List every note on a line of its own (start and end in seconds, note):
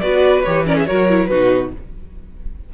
0.00 0.44 B3
0.00 0.45 F#4
0.00 0.66 B4
0.00 0.43 D5
0.43 0.89 E3
0.43 0.66 G4
0.43 0.64 C#5
0.66 0.87 C#4
0.66 0.76 A#4
0.66 0.78 D5
0.76 0.87 G#4
0.76 0.86 E5
0.86 1.30 F#3
0.86 1.08 F#4
0.86 1.30 A#4
0.86 1.26 C#5
1.09 1.30 E4
1.26 1.72 B2
1.26 1.73 D#4
1.26 1.72 F#4
1.26 1.69 B4